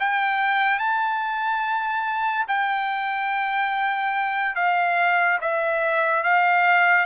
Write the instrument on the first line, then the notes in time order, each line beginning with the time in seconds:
trumpet
0.00 G5
0.80 A5
2.48 G5
4.56 F5
5.41 E5
6.23 F5